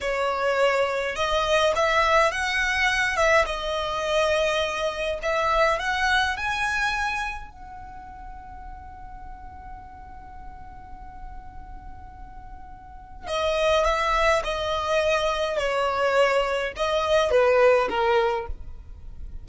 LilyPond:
\new Staff \with { instrumentName = "violin" } { \time 4/4 \tempo 4 = 104 cis''2 dis''4 e''4 | fis''4. e''8 dis''2~ | dis''4 e''4 fis''4 gis''4~ | gis''4 fis''2.~ |
fis''1~ | fis''2. dis''4 | e''4 dis''2 cis''4~ | cis''4 dis''4 b'4 ais'4 | }